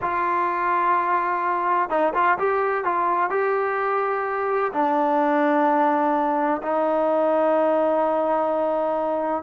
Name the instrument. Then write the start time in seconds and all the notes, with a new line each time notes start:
trombone
0.01 F4
1.89 D#4
2.14 F4
2.38 G4
2.84 F4
3.30 G4
4.72 D4
6.62 D#4